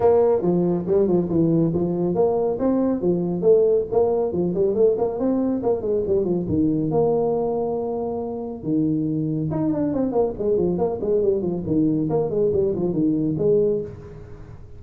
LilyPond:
\new Staff \with { instrumentName = "tuba" } { \time 4/4 \tempo 4 = 139 ais4 f4 g8 f8 e4 | f4 ais4 c'4 f4 | a4 ais4 f8 g8 a8 ais8 | c'4 ais8 gis8 g8 f8 dis4 |
ais1 | dis2 dis'8 d'8 c'8 ais8 | gis8 f8 ais8 gis8 g8 f8 dis4 | ais8 gis8 g8 f8 dis4 gis4 | }